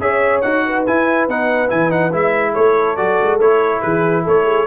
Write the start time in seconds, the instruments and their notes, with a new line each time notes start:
0.00 tuba C#4, trombone G#4, horn C#5, trumpet E5
0.42 tuba D#4, trombone F#4, trumpet F#5
0.66 horn B4
0.87 trombone E4, tuba E4, trumpet G#5
1.28 tuba B3, trombone D#4, trumpet F#5
1.69 tuba E3, trombone E4, trumpet G#5
1.90 trombone D#4, trumpet F#5
2.12 tuba G#3, trombone E4, trumpet E5
2.52 tuba A3, horn A4, trumpet C#5
2.97 tuba F#3, trombone F#4, trumpet D5
3.22 tuba G#3
3.39 tuba A3, trombone E4, trumpet C#5
3.82 tuba E3, horn G#4, trumpet B4
4.24 tuba A3, horn A4, trumpet C#5
4.45 horn G#4